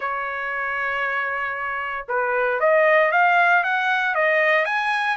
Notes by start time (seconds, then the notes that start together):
0.00 C#5
2.08 B4
2.60 D#5
3.11 F5
3.63 F#5
4.14 D#5
4.65 G#5